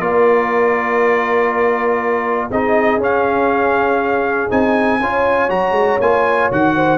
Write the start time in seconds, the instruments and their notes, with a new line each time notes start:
0.00 tuba A#3, trombone F4, horn A#4, trumpet D5
2.50 tuba C4, trombone D#4, horn G#4, trumpet D#5
2.98 tuba C#4, trombone C#4, trumpet F5
4.50 tuba C4, trombone D#4, trumpet G#5
5.01 tuba C#4, trombone F4, horn C#5
5.49 tuba F#3, trombone F#4, trumpet A#5
5.71 tuba G#3
6.01 tuba A#3, trombone F4, trumpet G#5
6.52 tuba D#3, trombone F#4, trumpet F#5
6.76 horn C5